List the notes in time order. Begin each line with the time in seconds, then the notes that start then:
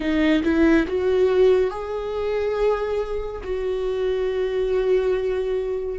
0.00 D#4
0.43 E4
0.87 F#4
1.70 G#4
3.43 F#4